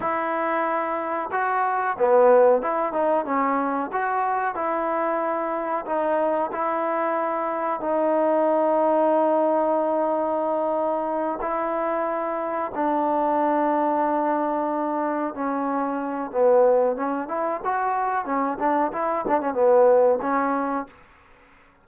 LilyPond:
\new Staff \with { instrumentName = "trombone" } { \time 4/4 \tempo 4 = 92 e'2 fis'4 b4 | e'8 dis'8 cis'4 fis'4 e'4~ | e'4 dis'4 e'2 | dis'1~ |
dis'4. e'2 d'8~ | d'2.~ d'8 cis'8~ | cis'4 b4 cis'8 e'8 fis'4 | cis'8 d'8 e'8 d'16 cis'16 b4 cis'4 | }